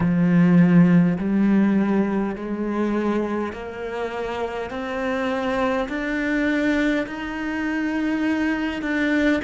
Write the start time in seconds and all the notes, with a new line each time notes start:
0.00 F3
1.18 G3
2.35 G#3
3.52 A#3
4.70 C4
5.88 D4
7.06 D#4
8.82 D4